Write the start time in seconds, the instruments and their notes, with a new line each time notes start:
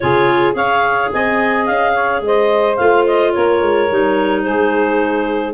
0.00 tuba C#3, clarinet F4 C#5, saxophone G#4
0.53 tuba C#4, clarinet G#4 F5, saxophone C#5
1.13 tuba C4, saxophone D#5, clarinet G#5
1.66 tuba C#4, clarinet F5
1.93 saxophone C#5
2.20 tuba G#3, saxophone C5, clarinet D#5
2.76 tuba A3, clarinet F4 F5
3.06 clarinet D#5
3.32 tuba A#3, saxophone A#4, clarinet C#5
3.61 tuba G#3
3.90 tuba G3, clarinet D#4
4.42 tuba G#3, saxophone G#4, clarinet C5